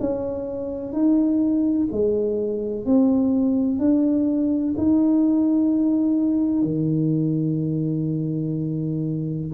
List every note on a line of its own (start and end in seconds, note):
0.00 0.93 C#4
0.93 1.88 D#4
1.92 2.86 G#3
2.86 3.80 C4
3.80 4.75 D4
4.77 6.63 D#4
6.63 9.49 D#3